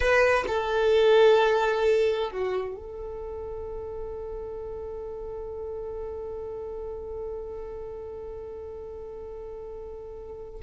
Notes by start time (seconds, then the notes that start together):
0.00 B4
0.47 A4
2.31 F#4
2.76 A4